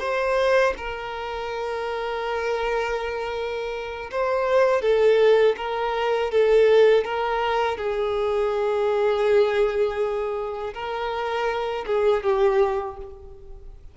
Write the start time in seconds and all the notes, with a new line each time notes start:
0.00 C5
0.77 A#4
4.12 C5
4.82 A4
5.58 A#4
6.32 A4
7.05 A#4
7.78 G#4
10.75 A#4
11.87 G#4
12.24 G4